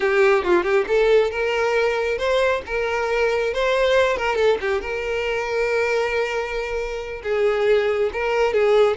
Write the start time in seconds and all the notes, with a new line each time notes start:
0.00 G4
0.43 F4
0.63 G4
0.87 A4
1.31 A#4
2.18 C5
2.66 A#4
3.53 C5
4.16 A#4
4.35 A4
4.61 G4
4.81 A#4
7.23 G#4
8.12 A#4
8.53 G#4